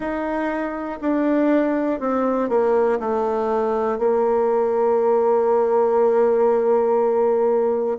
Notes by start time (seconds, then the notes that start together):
0.00 D#4
1.00 D4
2.00 C4
2.49 A#3
3.00 A3
3.98 A#3